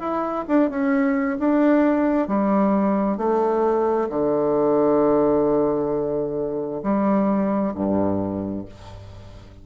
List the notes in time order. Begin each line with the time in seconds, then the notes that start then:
0.00 E4
0.48 D4
0.70 C#4
1.40 D4
2.29 G3
3.18 A3
4.10 D3
6.83 G3
7.75 G2